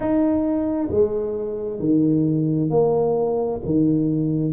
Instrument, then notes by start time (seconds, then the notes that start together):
tuba
0.00 D#4
0.90 G#3
1.79 D#3
2.69 A#3
3.64 D#3